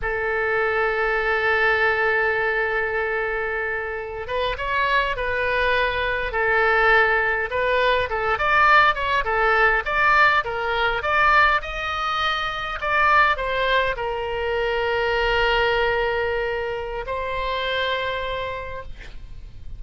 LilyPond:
\new Staff \with { instrumentName = "oboe" } { \time 4/4 \tempo 4 = 102 a'1~ | a'2.~ a'16 b'8 cis''16~ | cis''8. b'2 a'4~ a'16~ | a'8. b'4 a'8 d''4 cis''8 a'16~ |
a'8. d''4 ais'4 d''4 dis''16~ | dis''4.~ dis''16 d''4 c''4 ais'16~ | ais'1~ | ais'4 c''2. | }